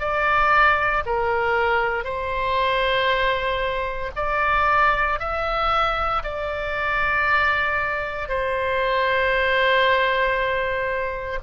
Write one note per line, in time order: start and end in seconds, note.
0.00 1.03 D5
1.06 2.05 A#4
2.05 4.11 C5
4.16 5.20 D5
5.20 6.23 E5
6.24 8.29 D5
8.29 11.39 C5